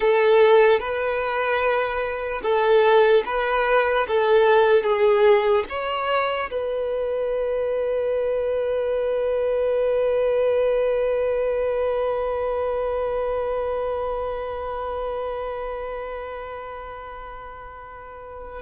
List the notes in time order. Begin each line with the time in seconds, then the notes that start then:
0.00 A4
0.79 B4
2.42 A4
3.25 B4
4.07 A4
4.83 G#4
5.69 C#5
6.50 B4